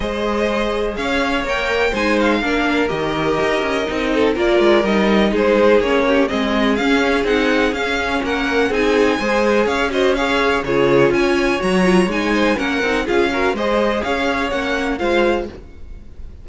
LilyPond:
<<
  \new Staff \with { instrumentName = "violin" } { \time 4/4 \tempo 4 = 124 dis''2 f''4 g''4 | gis''8 f''4. dis''2~ | dis''4 d''4 dis''4 c''4 | cis''4 dis''4 f''4 fis''4 |
f''4 fis''4 gis''2 | f''8 dis''8 f''4 cis''4 gis''4 | ais''4 gis''4 fis''4 f''4 | dis''4 f''4 fis''4 f''4 | }
  \new Staff \with { instrumentName = "violin" } { \time 4/4 c''2 cis''2 | c''4 ais'2.~ | ais'8 a'8 ais'2 gis'4~ | gis'8 g'8 gis'2.~ |
gis'4 ais'4 gis'4 c''4 | cis''8 c''8 cis''4 gis'4 cis''4~ | cis''4. c''8 ais'4 gis'8 ais'8 | c''4 cis''2 c''4 | }
  \new Staff \with { instrumentName = "viola" } { \time 4/4 gis'2. ais'4 | dis'4 d'4 g'2 | dis'4 f'4 dis'2 | cis'4 c'4 cis'4 dis'4 |
cis'2 dis'4 gis'4~ | gis'8 fis'8 gis'4 f'2 | fis'8 f'8 dis'4 cis'8 dis'8 f'8 fis'8 | gis'2 cis'4 f'4 | }
  \new Staff \with { instrumentName = "cello" } { \time 4/4 gis2 cis'4 ais4 | gis4 ais4 dis4 dis'8 cis'8 | c'4 ais8 gis8 g4 gis4 | ais4 gis4 cis'4 c'4 |
cis'4 ais4 c'4 gis4 | cis'2 cis4 cis'4 | fis4 gis4 ais8 c'8 cis'4 | gis4 cis'4 ais4 gis4 | }
>>